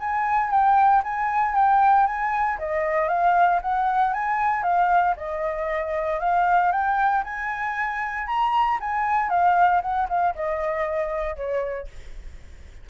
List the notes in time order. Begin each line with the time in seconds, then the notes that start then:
0.00 G#5
0.51 G5
1.03 G#5
1.55 G5
2.07 G#5
2.59 D#5
3.08 F5
3.62 F#5
4.14 G#5
4.63 F5
5.17 D#5
6.20 F5
6.72 G5
7.24 G#5
8.27 A#5
8.80 G#5
9.30 F5
9.82 F#5
10.09 F5
10.35 D#5
11.36 C#5